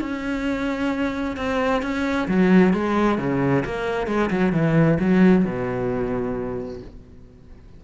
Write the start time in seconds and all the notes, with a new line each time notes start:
0.00 C#4
1.36 C4
1.82 C#4
2.28 F#3
2.73 G#3
3.18 C#3
3.64 A#3
4.07 G#3
4.30 F#3
4.52 E3
4.99 F#3
5.44 B2